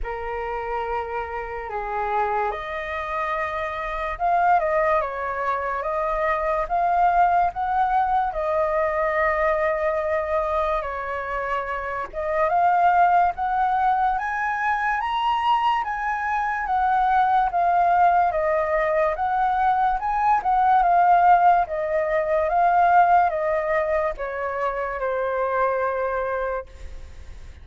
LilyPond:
\new Staff \with { instrumentName = "flute" } { \time 4/4 \tempo 4 = 72 ais'2 gis'4 dis''4~ | dis''4 f''8 dis''8 cis''4 dis''4 | f''4 fis''4 dis''2~ | dis''4 cis''4. dis''8 f''4 |
fis''4 gis''4 ais''4 gis''4 | fis''4 f''4 dis''4 fis''4 | gis''8 fis''8 f''4 dis''4 f''4 | dis''4 cis''4 c''2 | }